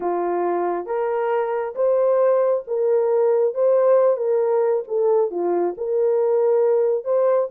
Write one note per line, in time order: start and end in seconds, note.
0.00 0.86 F4
0.86 1.74 A#4
1.75 2.63 C5
2.67 3.54 A#4
3.54 4.17 C5
4.17 4.83 A#4
4.87 5.30 A4
5.30 5.74 F4
5.77 7.04 A#4
7.04 7.48 C5